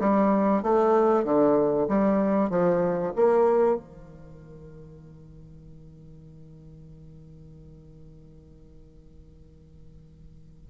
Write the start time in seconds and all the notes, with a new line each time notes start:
0.00 G3
0.63 A3
1.24 D3
1.88 G3
2.50 F3
3.16 A#3
3.77 D#3